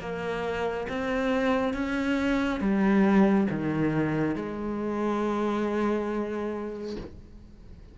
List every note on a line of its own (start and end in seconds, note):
0.00 0.87 A#3
0.89 1.74 C4
1.74 2.60 C#4
2.60 3.47 G3
3.51 4.36 D#3
4.36 6.97 G#3